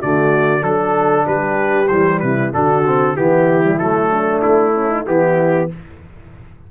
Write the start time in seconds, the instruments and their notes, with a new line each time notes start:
0.00 tuba D3, trombone A3, horn F#4, trumpet D5
0.61 tuba F#3, trombone D4, trumpet A4, horn A4
1.26 tuba G3, horn G4, trumpet B4
1.88 tuba E3, trombone G3, trumpet C5
2.20 tuba C3, horn E4, trumpet B4
2.53 tuba D3, trombone D4, horn F#4, trumpet A4
2.86 trombone C4
3.16 tuba E3, trombone B3, horn E4, trumpet G4
3.63 trombone G3
3.79 tuba F#3, trombone A3, trumpet A4
4.10 horn D4
4.42 tuba A3, trumpet E4
4.75 horn C#4
4.89 horn D#4
5.05 tuba E3, trombone B3, horn E4, trumpet G4